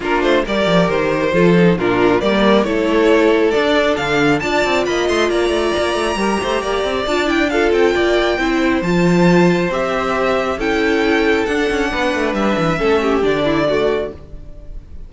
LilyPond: <<
  \new Staff \with { instrumentName = "violin" } { \time 4/4 \tempo 4 = 136 ais'8 c''8 d''4 c''2 | ais'4 d''4 cis''2 | d''4 f''4 a''4 b''8 c'''8 | ais''1 |
a''8 g''8 f''8 g''2~ g''8 | a''2 e''2 | g''2 fis''2 | e''2 d''2 | }
  \new Staff \with { instrumentName = "violin" } { \time 4/4 f'4 ais'2 a'4 | f'4 ais'4 a'2~ | a'2 d''4 dis''4 | d''2 ais'8 c''8 d''4~ |
d''4 a'4 d''4 c''4~ | c''1 | a'2. b'4~ | b'4 a'8 g'4 e'8 fis'4 | }
  \new Staff \with { instrumentName = "viola" } { \time 4/4 d'4 g'2 f'8 dis'8 | d'4 ais4 e'2 | d'2 f'2~ | f'2 g'2 |
f'8 e'8 f'2 e'4 | f'2 g'2 | e'2 d'2~ | d'4 cis'4 d'4 a4 | }
  \new Staff \with { instrumentName = "cello" } { \time 4/4 ais8 a8 g8 f8 dis4 f4 | ais,4 g4 a2 | d'4 d4 d'8 c'8 ais8 a8 | ais8 a8 ais8 a8 g8 a8 ais8 c'8 |
d'4. c'8 ais4 c'4 | f2 c'2 | cis'2 d'8 cis'8 b8 a8 | g8 e8 a4 d2 | }
>>